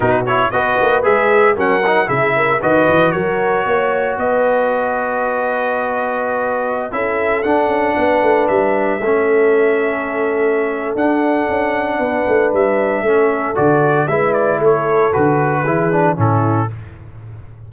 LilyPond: <<
  \new Staff \with { instrumentName = "trumpet" } { \time 4/4 \tempo 4 = 115 b'8 cis''8 dis''4 e''4 fis''4 | e''4 dis''4 cis''2 | dis''1~ | dis''4~ dis''16 e''4 fis''4.~ fis''16~ |
fis''16 e''2.~ e''8.~ | e''4 fis''2. | e''2 d''4 e''8 d''8 | cis''4 b'2 a'4 | }
  \new Staff \with { instrumentName = "horn" } { \time 4/4 fis'4 b'2 ais'4 | gis'8 ais'8 b'4 ais'4 cis''4 | b'1~ | b'4~ b'16 a'2 b'8.~ |
b'4~ b'16 a'2~ a'8.~ | a'2. b'4~ | b'4 a'2 b'4 | a'2 gis'4 e'4 | }
  \new Staff \with { instrumentName = "trombone" } { \time 4/4 dis'8 e'8 fis'4 gis'4 cis'8 dis'8 | e'4 fis'2.~ | fis'1~ | fis'4~ fis'16 e'4 d'4.~ d'16~ |
d'4~ d'16 cis'2~ cis'8.~ | cis'4 d'2.~ | d'4 cis'4 fis'4 e'4~ | e'4 fis'4 e'8 d'8 cis'4 | }
  \new Staff \with { instrumentName = "tuba" } { \time 4/4 b,4 b8 ais8 gis4 fis4 | cis4 dis8 e8 fis4 ais4 | b1~ | b4~ b16 cis'4 d'8 cis'8 b8 a16~ |
a16 g4 a2~ a8.~ | a4 d'4 cis'4 b8 a8 | g4 a4 d4 gis4 | a4 d4 e4 a,4 | }
>>